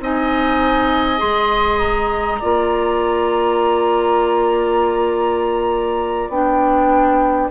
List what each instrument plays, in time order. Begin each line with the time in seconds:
0.00 bassoon C4, clarinet D#4, oboe D#5, flute G#5
1.18 bassoon G#3, clarinet G#4, flute C6
1.79 flute A#5
2.40 bassoon A#3, clarinet F4, oboe D5
6.29 bassoon B3, clarinet D4, flute G5